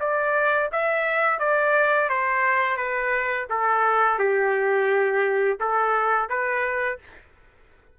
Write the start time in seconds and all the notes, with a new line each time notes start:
0.00 D5
0.72 E5
1.39 D5
2.09 C5
2.77 B4
3.49 A4
4.19 G4
5.60 A4
6.29 B4